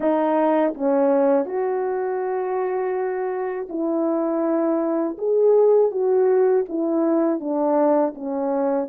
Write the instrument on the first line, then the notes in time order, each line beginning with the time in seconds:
horn
0.00 D#4
0.74 C#4
1.45 F#4
3.69 E4
5.18 G#4
5.91 F#4
6.68 E4
7.40 D4
8.14 C#4